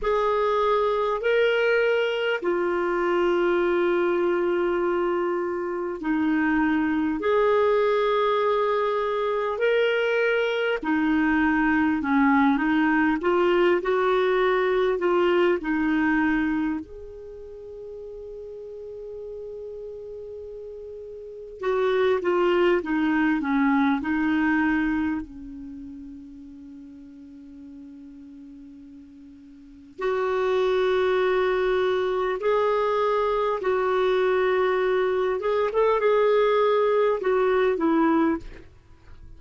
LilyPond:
\new Staff \with { instrumentName = "clarinet" } { \time 4/4 \tempo 4 = 50 gis'4 ais'4 f'2~ | f'4 dis'4 gis'2 | ais'4 dis'4 cis'8 dis'8 f'8 fis'8~ | fis'8 f'8 dis'4 gis'2~ |
gis'2 fis'8 f'8 dis'8 cis'8 | dis'4 cis'2.~ | cis'4 fis'2 gis'4 | fis'4. gis'16 a'16 gis'4 fis'8 e'8 | }